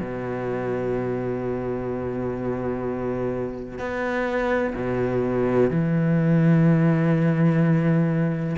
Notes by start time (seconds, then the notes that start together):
0.00 B2
3.79 B3
4.76 B2
5.71 E3